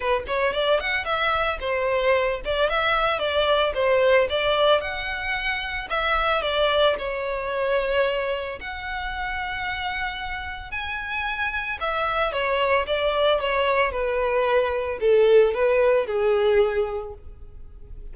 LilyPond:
\new Staff \with { instrumentName = "violin" } { \time 4/4 \tempo 4 = 112 b'8 cis''8 d''8 fis''8 e''4 c''4~ | c''8 d''8 e''4 d''4 c''4 | d''4 fis''2 e''4 | d''4 cis''2. |
fis''1 | gis''2 e''4 cis''4 | d''4 cis''4 b'2 | a'4 b'4 gis'2 | }